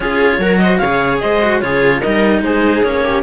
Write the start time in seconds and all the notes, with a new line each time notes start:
0.00 C#4 F4 G#4 C#5
0.38 F#3 F#4 A#4
0.58 C5 D#5
0.77 C#3 C#5 F5
0.84 G#4
1.20 G#3 C5 D#5
1.42 F#4
1.60 C#3 F4 G#4 C#5
2.00 G3 D#4 A#4 D#5
2.41 G#3 G#4 C5
2.82 A#3 C#4 C#5
3.04 G4